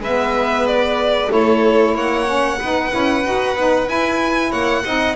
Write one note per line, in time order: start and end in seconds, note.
0.00 1.29 G#3
0.00 1.29 B3
0.00 1.31 B4
0.00 0.67 E5
0.67 1.32 D5
1.29 1.96 A3
1.29 2.25 E4
1.29 1.95 A4
1.29 1.97 C#5
1.95 2.60 A#3
1.95 2.59 C#5
1.95 3.89 F#5
2.25 2.58 C#4
2.59 2.93 B3
2.59 2.91 D#4
2.59 4.50 B4
2.91 3.25 C#4
2.91 3.23 E4
3.24 3.56 D#4
3.24 3.56 F#4
3.56 3.88 B3
3.56 3.87 D#4
3.87 4.84 E4
3.87 4.52 E4
3.87 4.52 G#5
4.50 4.85 A#3
4.50 4.83 C#5
4.50 5.16 F#5
4.84 5.16 C4
4.84 5.16 D#4
4.84 5.16 D#5